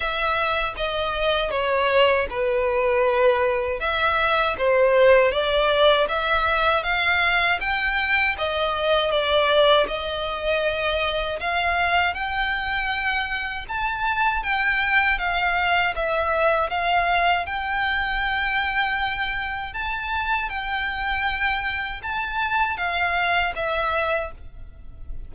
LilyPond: \new Staff \with { instrumentName = "violin" } { \time 4/4 \tempo 4 = 79 e''4 dis''4 cis''4 b'4~ | b'4 e''4 c''4 d''4 | e''4 f''4 g''4 dis''4 | d''4 dis''2 f''4 |
g''2 a''4 g''4 | f''4 e''4 f''4 g''4~ | g''2 a''4 g''4~ | g''4 a''4 f''4 e''4 | }